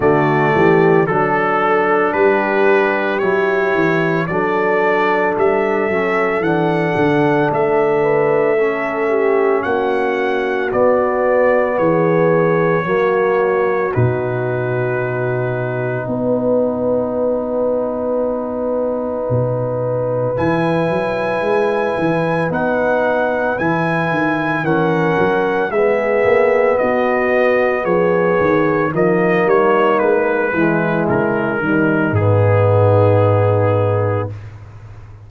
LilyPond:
<<
  \new Staff \with { instrumentName = "trumpet" } { \time 4/4 \tempo 4 = 56 d''4 a'4 b'4 cis''4 | d''4 e''4 fis''4 e''4~ | e''4 fis''4 d''4 cis''4~ | cis''4 b'2 fis''4~ |
fis''2. gis''4~ | gis''4 fis''4 gis''4 fis''4 | e''4 dis''4 cis''4 dis''8 cis''8 | b'4 ais'4 gis'2 | }
  \new Staff \with { instrumentName = "horn" } { \time 4/4 fis'8 g'8 a'4 g'2 | a'2.~ a'8 b'8 | a'8 g'8 fis'2 gis'4 | fis'2. b'4~ |
b'1~ | b'2. ais'4 | gis'4 fis'4 gis'4 dis'4~ | dis'8 e'4 dis'2~ dis'8 | }
  \new Staff \with { instrumentName = "trombone" } { \time 4/4 a4 d'2 e'4 | d'4. cis'8 d'2 | cis'2 b2 | ais4 dis'2.~ |
dis'2. e'4~ | e'4 dis'4 e'4 cis'4 | b2. ais4~ | ais8 gis4 g8 b2 | }
  \new Staff \with { instrumentName = "tuba" } { \time 4/4 d8 e8 fis4 g4 fis8 e8 | fis4 g8 fis8 e8 d8 a4~ | a4 ais4 b4 e4 | fis4 b,2 b4~ |
b2 b,4 e8 fis8 | gis8 e8 b4 e8 dis8 e8 fis8 | gis8 ais8 b4 f8 dis8 f8 g8 | gis8 e8 cis8 dis8 gis,2 | }
>>